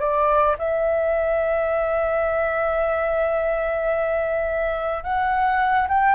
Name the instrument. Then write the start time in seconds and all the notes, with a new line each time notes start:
flute
0.00 D5
0.59 E5
5.04 F#5
5.89 G5